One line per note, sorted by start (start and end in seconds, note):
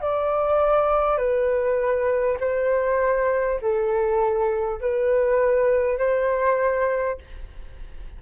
0.00 1.17 D5
1.17 2.37 B4
2.39 3.59 C5
3.61 4.80 A4
4.80 5.98 B4
5.98 7.18 C5